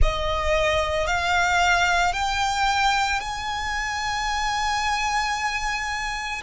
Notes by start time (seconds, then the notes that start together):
0.02 D#5
1.06 F5
2.13 G5
3.20 G#5